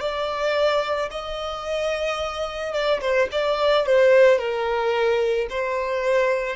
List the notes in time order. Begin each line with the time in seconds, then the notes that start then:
0.00 D5
1.11 D#5
2.73 D5
3.01 C5
3.32 D5
3.86 C5
4.38 A#4
5.50 C5